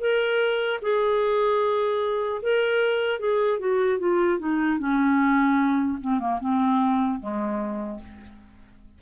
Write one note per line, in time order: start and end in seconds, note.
0.00 0.80 A#4
0.82 2.42 G#4
2.43 3.20 A#4
3.20 3.59 G#4
3.59 3.99 F#4
3.99 4.39 F4
4.39 4.79 D#4
4.79 5.99 C#4
6.01 6.20 C4
6.20 6.40 A#3
6.40 7.20 C4
7.20 8.00 G#3